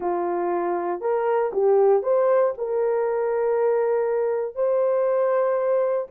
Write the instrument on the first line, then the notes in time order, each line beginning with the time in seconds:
horn
0.00 F4
1.00 A#4
1.53 G4
2.02 C5
2.57 A#4
4.55 C5